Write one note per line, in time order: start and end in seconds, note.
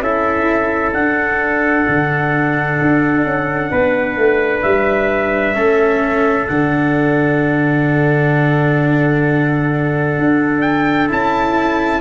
0.00 0.92 C#4
0.00 0.95 E4
0.00 3.71 A4
0.00 0.93 E5
0.93 1.85 D4
0.93 5.54 D4
0.93 4.62 F#5
1.88 2.80 D3
2.81 3.25 D4
3.25 3.71 C#4
3.71 4.17 B3
3.71 5.55 B4
4.17 4.63 A3
4.62 5.55 G3
4.62 6.47 E5
5.54 6.48 A3
5.54 6.47 C#4
5.54 12.01 A4
6.47 10.18 D3
6.47 11.08 D4
6.47 10.61 F#5
10.18 11.10 D4
10.61 11.07 G5
11.08 12.01 C#4
11.08 12.01 E4
11.08 12.01 A5